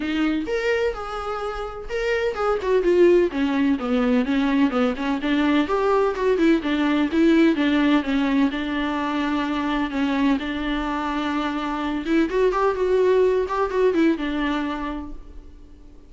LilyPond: \new Staff \with { instrumentName = "viola" } { \time 4/4 \tempo 4 = 127 dis'4 ais'4 gis'2 | ais'4 gis'8 fis'8 f'4 cis'4 | b4 cis'4 b8 cis'8 d'4 | g'4 fis'8 e'8 d'4 e'4 |
d'4 cis'4 d'2~ | d'4 cis'4 d'2~ | d'4. e'8 fis'8 g'8 fis'4~ | fis'8 g'8 fis'8 e'8 d'2 | }